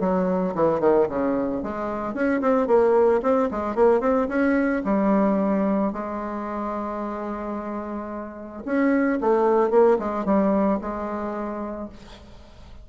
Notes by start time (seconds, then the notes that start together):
0.00 F#3
0.55 E3
0.80 D#3
1.09 C#3
1.63 G#3
2.14 C#4
2.41 C4
2.67 A#3
3.22 C4
3.51 G#3
3.75 A#3
4.00 C4
4.29 C#4
4.85 G3
5.93 G#3
8.65 C#4
9.21 A3
9.71 A#3
9.99 G#3
10.25 G3
10.81 G#3